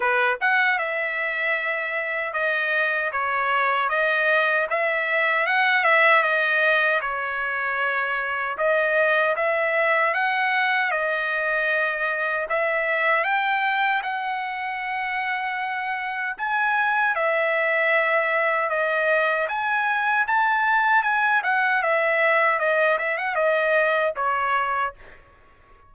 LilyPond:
\new Staff \with { instrumentName = "trumpet" } { \time 4/4 \tempo 4 = 77 b'8 fis''8 e''2 dis''4 | cis''4 dis''4 e''4 fis''8 e''8 | dis''4 cis''2 dis''4 | e''4 fis''4 dis''2 |
e''4 g''4 fis''2~ | fis''4 gis''4 e''2 | dis''4 gis''4 a''4 gis''8 fis''8 | e''4 dis''8 e''16 fis''16 dis''4 cis''4 | }